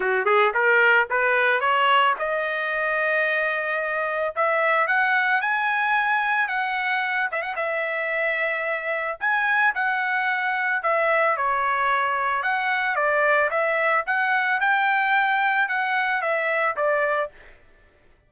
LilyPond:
\new Staff \with { instrumentName = "trumpet" } { \time 4/4 \tempo 4 = 111 fis'8 gis'8 ais'4 b'4 cis''4 | dis''1 | e''4 fis''4 gis''2 | fis''4. e''16 fis''16 e''2~ |
e''4 gis''4 fis''2 | e''4 cis''2 fis''4 | d''4 e''4 fis''4 g''4~ | g''4 fis''4 e''4 d''4 | }